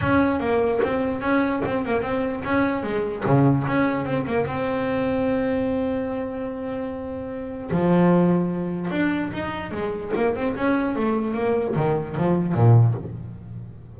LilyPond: \new Staff \with { instrumentName = "double bass" } { \time 4/4 \tempo 4 = 148 cis'4 ais4 c'4 cis'4 | c'8 ais8 c'4 cis'4 gis4 | cis4 cis'4 c'8 ais8 c'4~ | c'1~ |
c'2. f4~ | f2 d'4 dis'4 | gis4 ais8 c'8 cis'4 a4 | ais4 dis4 f4 ais,4 | }